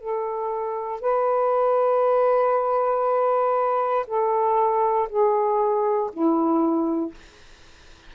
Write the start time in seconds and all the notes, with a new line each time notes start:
0.00 A4
1.01 B4
4.06 A4
5.09 G#4
6.12 E4